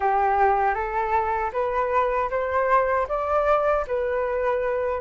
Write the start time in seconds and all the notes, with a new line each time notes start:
0.00 G4
0.74 A4
1.52 B4
2.30 C5
3.08 D5
3.87 B4